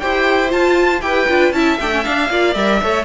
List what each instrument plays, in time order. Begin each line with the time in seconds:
0.00 cello E4, viola G4, violin C5 G5
0.49 viola F4, cello F4, violin A5
1.02 cello E4, viola G4, violin B4 G5
1.29 cello D4, viola F4
1.52 cello C#4, viola E4, violin E5 A5
1.80 cello A3, viola D4, violin G5
1.92 viola C#4
2.03 viola D4, cello D4, violin F5
2.30 cello A#3, viola F4, violin D5
2.54 cello G3, viola A#4, violin E5
2.82 cello A3, viola A4, violin C#5